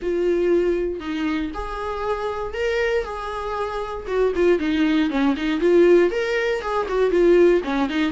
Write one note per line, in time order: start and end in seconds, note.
0.01 1.00 F4
1.00 1.51 D#4
1.54 2.54 G#4
2.54 3.04 A#4
3.04 4.05 G#4
4.07 4.32 F#4
4.35 4.59 F4
4.59 5.10 D#4
5.10 5.35 C#4
5.36 5.60 D#4
5.60 6.10 F4
6.10 6.61 A#4
6.61 6.86 G#4
6.88 7.10 F#4
7.10 7.61 F4
7.64 7.89 C#4
7.89 8.11 D#4